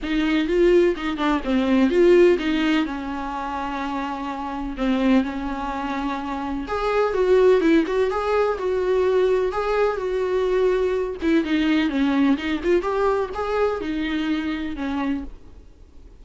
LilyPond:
\new Staff \with { instrumentName = "viola" } { \time 4/4 \tempo 4 = 126 dis'4 f'4 dis'8 d'8 c'4 | f'4 dis'4 cis'2~ | cis'2 c'4 cis'4~ | cis'2 gis'4 fis'4 |
e'8 fis'8 gis'4 fis'2 | gis'4 fis'2~ fis'8 e'8 | dis'4 cis'4 dis'8 f'8 g'4 | gis'4 dis'2 cis'4 | }